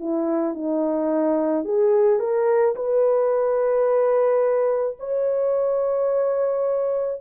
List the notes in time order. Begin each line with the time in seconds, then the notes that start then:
0.00 E4
0.55 D#4
1.65 G#4
2.20 A#4
2.76 B4
5.00 C#5